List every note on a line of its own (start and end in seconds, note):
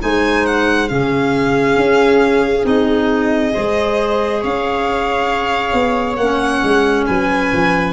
0.00 0.90 G#3
0.00 0.88 D#4
0.00 0.90 C5
0.00 0.46 G#5
0.46 0.88 F#5
0.88 1.76 C#3
0.88 2.63 C#4
0.88 3.53 G#4
0.88 2.65 F5
1.76 2.64 C#4
2.63 3.53 C4
2.63 3.52 D#4
2.63 4.43 D#5
3.52 4.43 G#3
3.52 6.17 G#4
3.52 4.41 C5
4.41 5.73 C#4
4.41 7.06 C#5
4.41 6.16 F5
5.73 6.17 B3
6.16 6.61 A#3
6.16 7.04 F#5
6.22 7.93 C#4
6.63 7.07 G#3
7.06 7.52 F#3
7.06 7.93 B4
7.06 7.93 G#5
7.53 7.93 F3